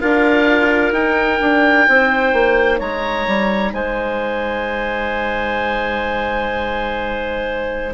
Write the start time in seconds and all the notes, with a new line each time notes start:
0.00 D4 F4 A#4 F5
0.91 D#4 G5
1.41 D4
1.88 C4 C5
2.33 A#3
2.79 G#3 C#5 A#5
3.28 G3
3.73 G#3 C5 G#5